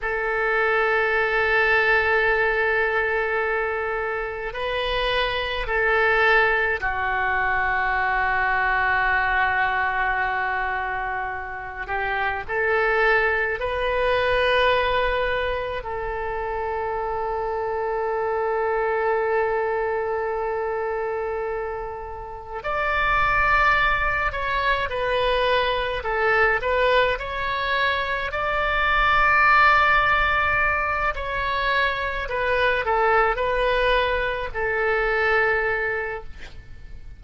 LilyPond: \new Staff \with { instrumentName = "oboe" } { \time 4/4 \tempo 4 = 53 a'1 | b'4 a'4 fis'2~ | fis'2~ fis'8 g'8 a'4 | b'2 a'2~ |
a'1 | d''4. cis''8 b'4 a'8 b'8 | cis''4 d''2~ d''8 cis''8~ | cis''8 b'8 a'8 b'4 a'4. | }